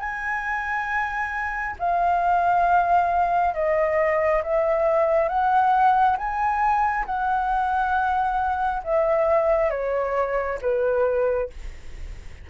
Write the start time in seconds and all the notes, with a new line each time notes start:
0.00 G#5
1.80 F5
3.55 D#5
4.44 E5
5.29 F#5
6.18 G#5
7.06 F#5
8.84 E5
9.71 C#5
10.62 B4